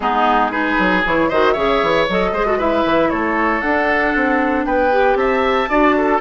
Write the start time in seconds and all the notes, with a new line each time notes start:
0.00 G#3 B3 D#4 G#4
0.51 D#4 G#4 B4
0.78 F#3
1.04 E3 E4 C#5
1.28 D#3 F#4 C5 D#5
1.53 C#3 G#4 C#5 E5
1.82 E3
2.09 F#3 A4 D#5
2.32 G#3 G#4 C5
2.46 F#4 A4
2.57 E4 B4 E5
2.85 E3
3.09 A3 A4 C#5
3.61 D4 F#5
4.15 C4
4.65 B3 B4 G5
4.91 G4
5.15 C4 E5 A5
5.69 D4 F#4 D5
5.97 A4